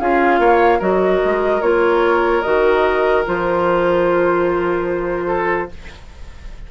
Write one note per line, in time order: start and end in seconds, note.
0.00 0.39 C#4
0.00 0.80 F4
0.00 0.41 G#4
0.00 0.81 F5
0.39 0.80 A#3
0.39 0.79 C#5
0.79 1.21 F#3
0.79 1.61 F#4
0.79 5.25 A#4
0.79 1.62 D#5
1.25 1.62 G#3
1.62 2.43 A#3
1.62 2.43 F4
1.62 2.42 C#5
2.42 3.27 D#3
2.42 3.25 F#4
2.42 3.23 D#5
3.26 5.71 F3
3.26 5.69 F4
3.26 5.71 C5
5.27 5.68 A4